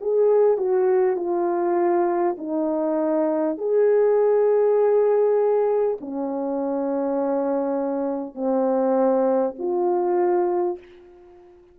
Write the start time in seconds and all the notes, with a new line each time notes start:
0.00 G#4
0.57 F#4
1.16 F4
2.37 D#4
3.57 G#4
6.01 C#4
8.35 C4
9.58 F4